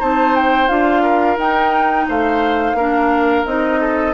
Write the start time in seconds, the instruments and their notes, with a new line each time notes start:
0.00 bassoon C4, clarinet D#4, oboe C5, flute A5
0.36 flute G5
0.69 bassoon D4, clarinet F4, flute F5
1.03 oboe A#4
1.37 bassoon D#4, clarinet D#4, flute G5
2.09 bassoon A3, oboe C5, flute F5
2.74 bassoon A#3, clarinet D4, oboe A#4
3.46 bassoon C4, clarinet D#4, flute D#5
3.81 oboe A4